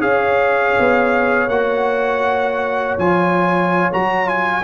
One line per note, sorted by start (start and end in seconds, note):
0.00 0.75 C#4
0.00 1.48 G#4
0.00 4.63 C#5
0.00 1.49 F5
0.79 1.48 B3
1.48 2.96 A#3
1.48 2.99 F#4
1.48 2.97 F#5
2.98 3.90 F3
2.98 3.92 F4
2.98 3.91 G#5
3.92 4.63 F#3
3.92 4.25 F#4
3.92 4.29 A#5
4.25 4.62 F4
4.25 4.63 G#5